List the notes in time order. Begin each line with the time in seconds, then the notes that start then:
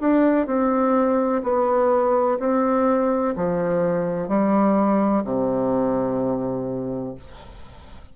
0.00 D4
0.46 C4
1.43 B3
2.39 C4
3.35 F3
4.28 G3
5.24 C3